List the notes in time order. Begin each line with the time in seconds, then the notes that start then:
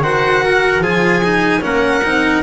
0.00 D#3 F#4 C5 F#5
0.44 A#4
0.79 F3 F4 G#4 G#5
1.24 D#4
1.61 A#3 C#4 A#4 F#5
2.04 C4 D#4